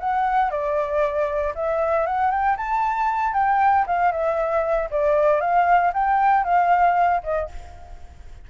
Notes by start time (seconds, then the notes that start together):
0.00 F#5
0.51 D5
1.55 E5
2.07 F#5
2.31 G5
2.57 A5
3.34 G5
3.87 F5
4.12 E5
4.91 D5
5.41 F5
5.94 G5
6.44 F5
7.24 D#5